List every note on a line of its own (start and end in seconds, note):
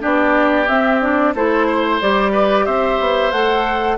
0.00 0.69 B3
0.00 0.66 D4
0.00 1.34 G4
0.00 0.68 D5
0.68 1.35 C4
0.68 1.02 C4
0.68 1.01 E5
1.02 1.35 D4
1.02 1.34 D5
1.35 2.01 A3
1.35 2.02 E4
1.35 1.67 A4
1.35 2.02 C5
1.67 2.32 C5
2.02 2.67 G3
2.02 3.33 G4
2.02 2.66 D5
2.32 2.65 B4
2.66 3.00 C4
2.66 3.98 C5
2.66 3.32 E5
3.00 3.32 B3
3.32 3.98 A3
3.32 3.98 A4
3.32 3.98 F#5